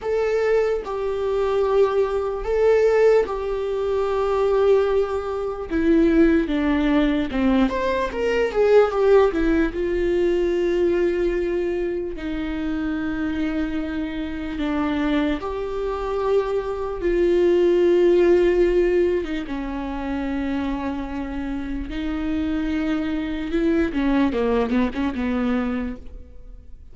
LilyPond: \new Staff \with { instrumentName = "viola" } { \time 4/4 \tempo 4 = 74 a'4 g'2 a'4 | g'2. e'4 | d'4 c'8 c''8 ais'8 gis'8 g'8 e'8 | f'2. dis'4~ |
dis'2 d'4 g'4~ | g'4 f'2~ f'8. dis'16 | cis'2. dis'4~ | dis'4 e'8 cis'8 ais8 b16 cis'16 b4 | }